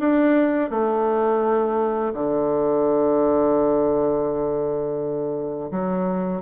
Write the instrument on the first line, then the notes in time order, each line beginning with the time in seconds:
bassoon
0.00 D4
0.71 A3
2.14 D3
5.71 F#3